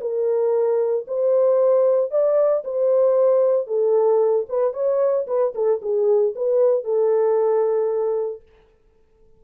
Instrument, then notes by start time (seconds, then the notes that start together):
horn
0.00 A#4
1.07 C5
2.11 D5
2.64 C5
3.67 A4
4.49 B4
4.73 C#5
5.27 B4
5.54 A4
5.82 G#4
6.35 B4
6.84 A4